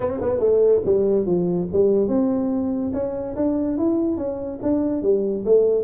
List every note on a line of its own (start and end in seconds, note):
0.00 0.20 C4
0.21 0.39 B3
0.39 0.81 A3
0.85 1.26 G3
1.26 1.68 F3
1.72 2.08 G3
2.08 2.92 C4
2.93 3.35 C#4
3.36 3.77 D4
3.77 4.17 E4
4.17 4.59 C#4
4.62 5.02 D4
5.02 5.44 G3
5.45 5.84 A3